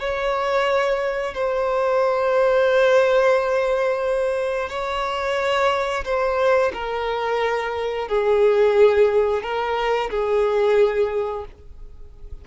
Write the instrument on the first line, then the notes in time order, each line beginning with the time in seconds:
violin
0.00 C#5
1.35 C5
4.70 C#5
6.05 C5
6.74 A#4
8.09 G#4
9.43 A#4
10.11 G#4